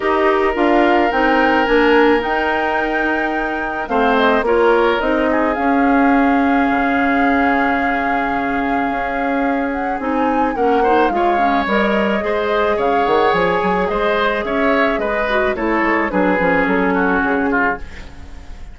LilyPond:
<<
  \new Staff \with { instrumentName = "flute" } { \time 4/4 \tempo 4 = 108 dis''4 f''4 g''4 gis''4 | g''2. f''8 dis''8 | cis''4 dis''4 f''2~ | f''1~ |
f''4. fis''8 gis''4 fis''4 | f''4 dis''2 f''8 fis''8 | gis''4 dis''4 e''4 dis''4 | cis''4 b'4 a'4 gis'4 | }
  \new Staff \with { instrumentName = "oboe" } { \time 4/4 ais'1~ | ais'2. c''4 | ais'4. gis'2~ gis'8~ | gis'1~ |
gis'2. ais'8 c''8 | cis''2 c''4 cis''4~ | cis''4 c''4 cis''4 b'4 | a'4 gis'4. fis'4 f'8 | }
  \new Staff \with { instrumentName = "clarinet" } { \time 4/4 g'4 f'4 dis'4 d'4 | dis'2. c'4 | f'4 dis'4 cis'2~ | cis'1~ |
cis'2 dis'4 cis'8 dis'8 | f'8 cis'8 ais'4 gis'2~ | gis'2.~ gis'8 fis'8 | e'4 d'8 cis'2~ cis'8 | }
  \new Staff \with { instrumentName = "bassoon" } { \time 4/4 dis'4 d'4 c'4 ais4 | dis'2. a4 | ais4 c'4 cis'2 | cis1 |
cis'2 c'4 ais4 | gis4 g4 gis4 cis8 dis8 | f8 fis8 gis4 cis'4 gis4 | a8 gis8 fis8 f8 fis4 cis4 | }
>>